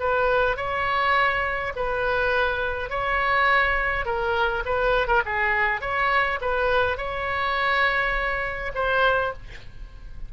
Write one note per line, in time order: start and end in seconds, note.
0.00 0.56 B4
0.56 1.73 C#5
1.76 2.90 B4
2.90 4.05 C#5
4.05 4.64 A#4
4.65 5.08 B4
5.08 5.22 A#4
5.25 5.81 G#4
5.81 6.39 C#5
6.41 6.97 B4
6.97 8.72 C#5
8.75 9.33 C5